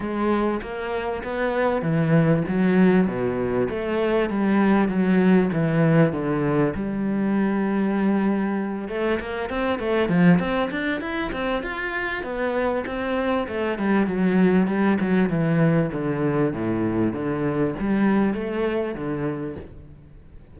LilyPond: \new Staff \with { instrumentName = "cello" } { \time 4/4 \tempo 4 = 98 gis4 ais4 b4 e4 | fis4 b,4 a4 g4 | fis4 e4 d4 g4~ | g2~ g8 a8 ais8 c'8 |
a8 f8 c'8 d'8 e'8 c'8 f'4 | b4 c'4 a8 g8 fis4 | g8 fis8 e4 d4 a,4 | d4 g4 a4 d4 | }